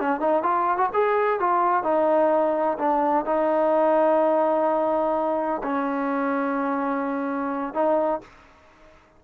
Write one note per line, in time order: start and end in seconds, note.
0.00 0.20 C#4
0.20 0.43 D#4
0.43 0.78 F4
0.78 0.89 F#4
0.94 1.40 G#4
1.40 1.83 F4
1.83 2.78 D#4
2.79 3.26 D4
3.26 5.62 D#4
5.63 7.74 C#4
7.74 8.21 D#4